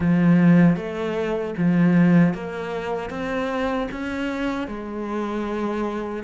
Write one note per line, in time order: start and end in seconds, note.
0.00 0.76 F3
0.76 1.54 A3
1.57 2.33 F3
2.33 3.10 A#3
3.10 3.87 C4
3.91 4.67 C#4
4.67 6.23 G#3